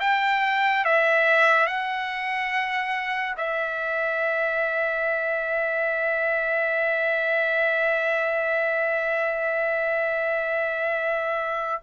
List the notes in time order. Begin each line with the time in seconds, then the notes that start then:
0.00 G5
0.85 E5
1.66 F#5
3.37 E5